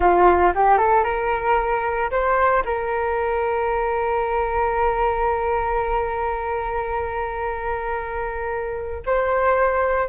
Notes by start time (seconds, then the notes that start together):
0.00 F4
0.55 G4
0.77 A4
1.04 A#4
2.10 C5
2.65 A#4
9.06 C5